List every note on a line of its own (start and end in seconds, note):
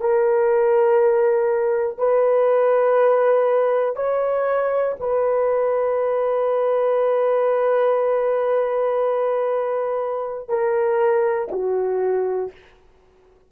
0.00 1.98 A#4
1.98 3.96 B4
3.96 4.96 C#5
5.00 10.49 B4
10.49 11.49 A#4
11.52 12.52 F#4